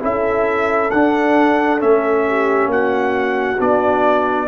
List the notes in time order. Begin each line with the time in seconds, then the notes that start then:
0.00 C#4 E4 A4 E5
0.91 D4 F#5
1.78 A3 C#4 E5
2.28 G4
2.66 A#3 F#4 F#5
3.58 B3 D4 D5